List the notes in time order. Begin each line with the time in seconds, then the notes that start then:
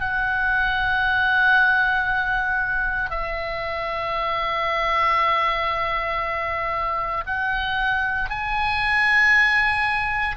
0.00 F#5
3.10 E5
7.26 F#5
8.29 G#5